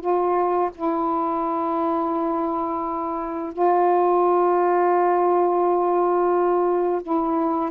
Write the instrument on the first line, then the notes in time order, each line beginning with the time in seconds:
saxophone
0.00 F4
0.75 E4
3.53 F4
7.02 E4